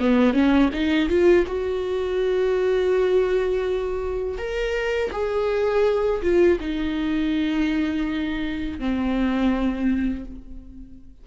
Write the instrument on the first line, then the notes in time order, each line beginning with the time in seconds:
viola
0.00 B3
0.34 C#4
0.74 D#4
1.09 F4
1.47 F#4
4.38 A#4
5.13 G#4
6.23 F4
6.61 D#4
8.79 C4